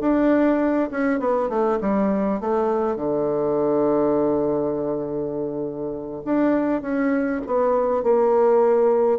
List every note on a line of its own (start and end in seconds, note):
0.00 0.89 D4
0.91 1.19 C#4
1.19 1.49 B3
1.49 1.79 A3
1.81 2.40 G3
2.40 2.96 A3
2.96 6.22 D3
6.25 6.82 D4
6.82 7.41 C#4
7.46 8.03 B3
8.03 9.19 A#3